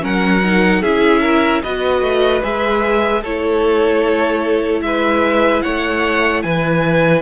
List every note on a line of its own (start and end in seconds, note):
0.00 0.82 F#3
0.00 0.40 C#4
0.00 0.82 A#4
0.00 0.82 F#5
0.44 0.84 D#4
0.82 1.62 C#4
0.82 1.64 E4
0.82 1.21 G#4
0.82 1.62 E5
1.21 1.61 A#4
1.62 2.01 B3
1.62 2.43 F#4
1.62 3.21 B4
1.62 2.43 D#5
2.01 2.41 A3
2.43 3.24 G#3
2.43 3.23 G#4
2.43 3.23 E5
3.21 4.82 A3
3.21 7.22 E4
3.21 4.81 A4
3.21 4.82 C#5
4.82 5.62 G#3
4.82 5.63 B4
4.82 5.62 E5
5.62 6.44 A3
5.62 6.43 C#5
5.62 6.42 F#5
6.42 7.22 E3
6.42 7.22 B4
6.42 7.22 G#5